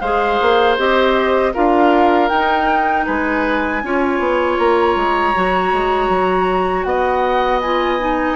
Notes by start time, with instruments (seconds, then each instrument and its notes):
0.00 bassoon G#3, clarinet G#4, oboe C5, flute F5
0.41 bassoon A#3
0.77 bassoon C4, clarinet G4, flute D#5
1.53 bassoon D4, clarinet F4, oboe A#4, flute F5
2.28 clarinet D#4, bassoon D#4, flute G5
3.06 bassoon G#3, oboe B4, flute G#5
3.83 bassoon C#4, clarinet F4, oboe C#5
4.19 bassoon B3
4.58 bassoon A#3, flute A#5
4.95 bassoon G#3
5.34 bassoon F#3, clarinet F#4
5.72 bassoon G#3
6.08 bassoon F#3
6.83 bassoon B3, oboe D#5, flute F#5
7.61 clarinet F4, flute G#5
7.99 clarinet D#4